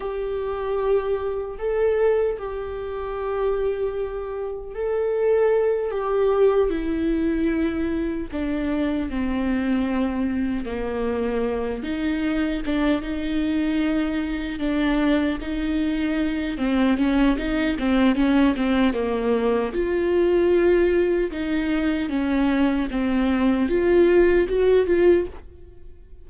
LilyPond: \new Staff \with { instrumentName = "viola" } { \time 4/4 \tempo 4 = 76 g'2 a'4 g'4~ | g'2 a'4. g'8~ | g'8 e'2 d'4 c'8~ | c'4. ais4. dis'4 |
d'8 dis'2 d'4 dis'8~ | dis'4 c'8 cis'8 dis'8 c'8 cis'8 c'8 | ais4 f'2 dis'4 | cis'4 c'4 f'4 fis'8 f'8 | }